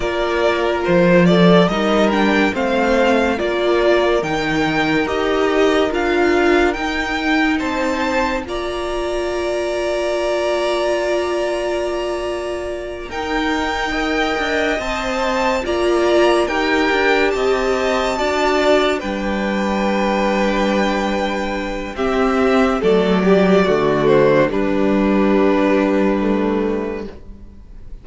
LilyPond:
<<
  \new Staff \with { instrumentName = "violin" } { \time 4/4 \tempo 4 = 71 d''4 c''8 d''8 dis''8 g''8 f''4 | d''4 g''4 dis''4 f''4 | g''4 a''4 ais''2~ | ais''2.~ ais''8 g''8~ |
g''4. a''4 ais''4 g''8~ | g''8 a''2 g''4.~ | g''2 e''4 d''4~ | d''8 c''8 b'2. | }
  \new Staff \with { instrumentName = "violin" } { \time 4/4 ais'4. a'8 ais'4 c''4 | ais'1~ | ais'4 c''4 d''2~ | d''2.~ d''8 ais'8~ |
ais'8 dis''2 d''4 ais'8~ | ais'8 dis''4 d''4 b'4.~ | b'2 g'4 a'8 g'8 | fis'4 d'2. | }
  \new Staff \with { instrumentName = "viola" } { \time 4/4 f'2 dis'8 d'8 c'4 | f'4 dis'4 g'4 f'4 | dis'2 f'2~ | f'2.~ f'8 dis'8~ |
dis'8 ais'4 c''4 f'4 g'8~ | g'4. fis'4 d'4.~ | d'2 c'4 a8 g8 | a4 g2 a4 | }
  \new Staff \with { instrumentName = "cello" } { \time 4/4 ais4 f4 g4 a4 | ais4 dis4 dis'4 d'4 | dis'4 c'4 ais2~ | ais2.~ ais8 dis'8~ |
dis'4 d'8 c'4 ais4 dis'8 | d'8 c'4 d'4 g4.~ | g2 c'4 fis4 | d4 g2. | }
>>